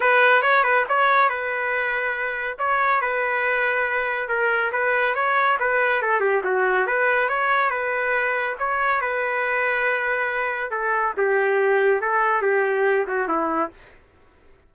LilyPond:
\new Staff \with { instrumentName = "trumpet" } { \time 4/4 \tempo 4 = 140 b'4 cis''8 b'8 cis''4 b'4~ | b'2 cis''4 b'4~ | b'2 ais'4 b'4 | cis''4 b'4 a'8 g'8 fis'4 |
b'4 cis''4 b'2 | cis''4 b'2.~ | b'4 a'4 g'2 | a'4 g'4. fis'8 e'4 | }